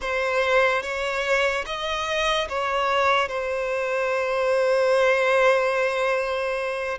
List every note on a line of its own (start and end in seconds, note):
0.01 0.82 C5
0.82 1.64 C#5
1.66 2.48 D#5
2.48 3.28 C#5
3.28 6.98 C5